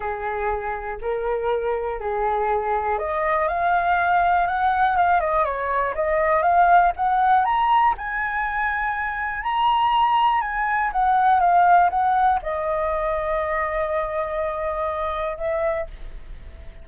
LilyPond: \new Staff \with { instrumentName = "flute" } { \time 4/4 \tempo 4 = 121 gis'2 ais'2 | gis'2 dis''4 f''4~ | f''4 fis''4 f''8 dis''8 cis''4 | dis''4 f''4 fis''4 ais''4 |
gis''2. ais''4~ | ais''4 gis''4 fis''4 f''4 | fis''4 dis''2.~ | dis''2. e''4 | }